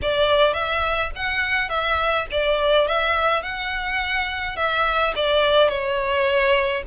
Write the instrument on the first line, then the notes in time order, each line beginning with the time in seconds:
violin
0.02 D5
0.53 E5
1.15 F#5
1.69 E5
2.31 D5
2.87 E5
3.42 F#5
4.56 E5
5.15 D5
5.68 C#5